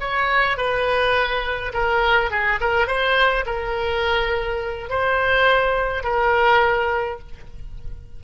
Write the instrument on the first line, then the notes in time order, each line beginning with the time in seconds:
oboe
0.00 C#5
0.57 B4
1.74 A#4
2.31 G#4
2.61 A#4
2.87 C5
3.46 A#4
4.90 C5
6.04 A#4